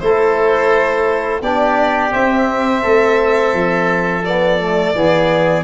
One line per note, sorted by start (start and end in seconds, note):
0.00 1.42 A3
0.00 1.42 E4
0.00 1.42 A4
0.00 1.41 C5
1.42 2.12 B3
1.42 2.11 D4
1.42 2.82 G4
1.42 2.14 D5
2.11 4.23 C4
2.11 2.85 C4
2.11 4.25 E5
2.82 3.54 A3
2.82 4.94 A4
3.54 4.95 F3
4.25 4.60 B3
4.25 5.64 D5
4.60 4.95 A3
4.95 5.64 E3
4.95 5.64 B3
4.95 5.64 G#4